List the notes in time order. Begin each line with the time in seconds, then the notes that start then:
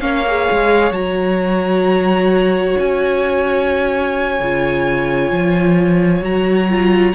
0.00 A#3 C#4 C#5 F5
0.27 G#4
0.51 G#3
0.91 F#3 F#4 A#5
2.78 C#4 G#5
4.40 C#3 F4
5.31 F3
6.21 F#3 F#4 A#5
6.69 F4